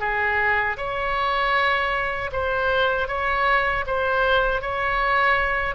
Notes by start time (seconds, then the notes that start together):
0.00 G#4
0.77 C#5
2.33 C5
3.08 C#5
3.87 C5
4.62 C#5